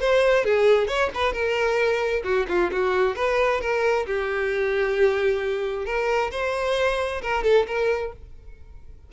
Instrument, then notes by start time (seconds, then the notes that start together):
violin
0.00 C5
0.44 G#4
0.87 C#5
1.14 B4
1.32 A#4
2.24 F#4
2.48 F4
2.71 F#4
3.15 B4
3.60 A#4
4.06 G4
5.85 A#4
6.31 C5
7.22 A#4
7.43 A4
7.67 A#4